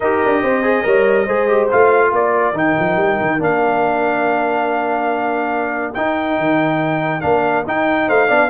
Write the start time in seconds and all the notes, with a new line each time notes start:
0.00 D#4 G4 A#4 D#5
0.25 D4
0.42 C4 C5
0.63 G#4
0.83 G3 A#4 C#5
1.26 G#3 G#4 C5
1.48 G4
1.70 A3 F4 F5
2.09 A#3 A#4 D5
2.53 D#3 D#4 G5
2.79 F3
2.96 G3
3.20 D#3
3.38 A#3 D4 F5
5.94 D#4 G5
6.38 D#3
7.20 A#3 D4 F5
7.66 D#4 G5
8.07 A3 C5 F5
8.28 B3 D4 D5